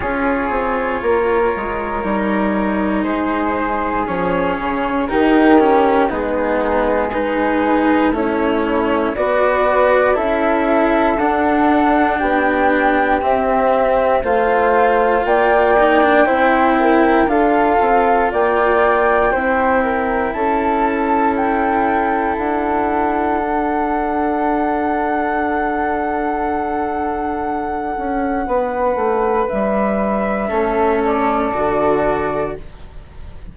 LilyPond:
<<
  \new Staff \with { instrumentName = "flute" } { \time 4/4 \tempo 4 = 59 cis''2. c''4 | cis''4 ais'4 gis'4 b'4 | cis''4 d''4 e''4 fis''4 | g''4 e''4 f''4 g''4~ |
g''4 f''4 g''2 | a''4 g''4 fis''2~ | fis''1~ | fis''4 e''4. d''4. | }
  \new Staff \with { instrumentName = "flute" } { \time 4/4 gis'4 ais'2 gis'4~ | gis'4 g'4 dis'4 gis'4 | e'4 b'4 a'2 | g'2 c''4 d''4 |
c''8 ais'8 a'4 d''4 c''8 ais'8 | a'1~ | a'1 | b'2 a'2 | }
  \new Staff \with { instrumentName = "cello" } { \time 4/4 f'2 dis'2 | cis'4 dis'8 cis'8 b4 dis'4 | cis'4 fis'4 e'4 d'4~ | d'4 c'4 f'4. dis'16 d'16 |
e'4 f'2 e'4~ | e'2. d'4~ | d'1~ | d'2 cis'4 fis'4 | }
  \new Staff \with { instrumentName = "bassoon" } { \time 4/4 cis'8 c'8 ais8 gis8 g4 gis4 | f8 cis8 dis4 gis2 | a4 b4 cis'4 d'4 | b4 c'4 a4 ais4 |
c'4 d'8 c'8 ais4 c'4 | cis'2 d'2~ | d'2.~ d'8 cis'8 | b8 a8 g4 a4 d4 | }
>>